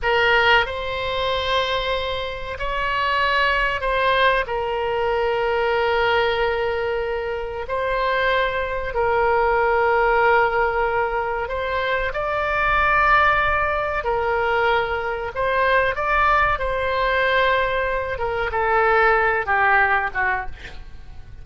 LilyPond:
\new Staff \with { instrumentName = "oboe" } { \time 4/4 \tempo 4 = 94 ais'4 c''2. | cis''2 c''4 ais'4~ | ais'1 | c''2 ais'2~ |
ais'2 c''4 d''4~ | d''2 ais'2 | c''4 d''4 c''2~ | c''8 ais'8 a'4. g'4 fis'8 | }